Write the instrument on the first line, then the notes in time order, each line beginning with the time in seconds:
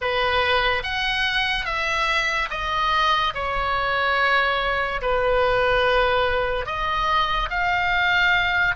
oboe
0.01 B4
0.83 F#5
1.65 E5
2.50 D#5
3.34 C#5
5.02 B4
6.66 D#5
7.50 F5